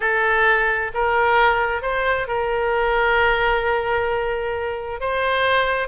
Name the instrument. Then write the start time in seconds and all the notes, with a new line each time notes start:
oboe
0.00 A4
0.94 A#4
1.82 C5
2.27 A#4
5.00 C5